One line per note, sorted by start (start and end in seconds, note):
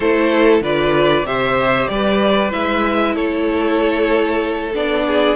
0.00 0.60 A3
0.00 0.63 E4
0.00 0.62 A4
0.00 0.60 C5
0.61 1.24 D3
0.61 1.26 F4
0.61 1.25 B4
0.61 1.26 D5
1.24 1.87 C3
1.24 2.50 G4
1.24 1.90 C5
1.24 1.87 E5
1.87 2.52 G3
1.87 3.14 B4
1.87 2.50 D5
2.50 3.16 G#3
2.50 4.71 E4
2.50 3.15 E5
3.14 4.74 A3
3.14 5.04 A4
3.14 4.73 C#5
4.74 5.36 B3
4.74 5.36 D4
4.74 5.36 D5
5.06 5.36 G#4